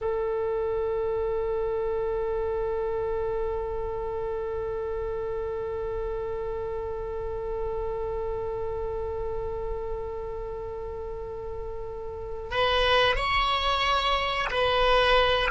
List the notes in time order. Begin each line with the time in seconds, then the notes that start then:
0.01 A4
12.50 B4
13.15 C#5
14.51 B4